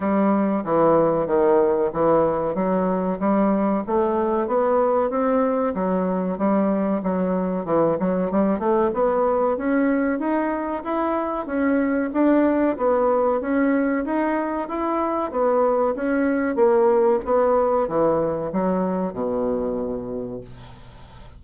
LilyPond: \new Staff \with { instrumentName = "bassoon" } { \time 4/4 \tempo 4 = 94 g4 e4 dis4 e4 | fis4 g4 a4 b4 | c'4 fis4 g4 fis4 | e8 fis8 g8 a8 b4 cis'4 |
dis'4 e'4 cis'4 d'4 | b4 cis'4 dis'4 e'4 | b4 cis'4 ais4 b4 | e4 fis4 b,2 | }